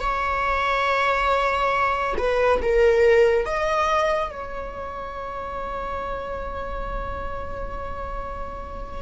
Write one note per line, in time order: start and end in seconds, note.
0.00 2.14 C#5
2.18 2.61 B4
2.61 3.45 A#4
3.45 4.31 D#5
4.31 9.02 C#5